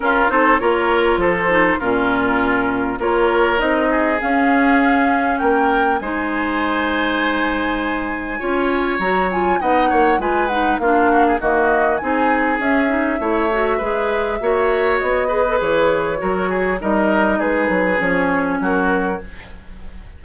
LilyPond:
<<
  \new Staff \with { instrumentName = "flute" } { \time 4/4 \tempo 4 = 100 ais'8 c''8 cis''4 c''4 ais'4~ | ais'4 cis''4 dis''4 f''4~ | f''4 g''4 gis''2~ | gis''2. ais''8 gis''8 |
fis''4 gis''8 fis''8 f''4 dis''4 | gis''4 e''2.~ | e''4 dis''4 cis''2 | dis''4 b'4 cis''4 ais'4 | }
  \new Staff \with { instrumentName = "oboe" } { \time 4/4 f'8 a'8 ais'4 a'4 f'4~ | f'4 ais'4. gis'4.~ | gis'4 ais'4 c''2~ | c''2 cis''2 |
dis''8 cis''8 b'4 f'8 fis'16 gis'16 fis'4 | gis'2 cis''4 b'4 | cis''4. b'4. ais'8 gis'8 | ais'4 gis'2 fis'4 | }
  \new Staff \with { instrumentName = "clarinet" } { \time 4/4 cis'8 dis'8 f'4. dis'8 cis'4~ | cis'4 f'4 dis'4 cis'4~ | cis'2 dis'2~ | dis'2 f'4 fis'8 f'8 |
dis'4 f'8 dis'8 d'4 ais4 | dis'4 cis'8 dis'8 e'8 fis'8 gis'4 | fis'4. gis'16 a'16 gis'4 fis'4 | dis'2 cis'2 | }
  \new Staff \with { instrumentName = "bassoon" } { \time 4/4 cis'8 c'8 ais4 f4 ais,4~ | ais,4 ais4 c'4 cis'4~ | cis'4 ais4 gis2~ | gis2 cis'4 fis4 |
b8 ais8 gis4 ais4 dis4 | c'4 cis'4 a4 gis4 | ais4 b4 e4 fis4 | g4 gis8 fis8 f4 fis4 | }
>>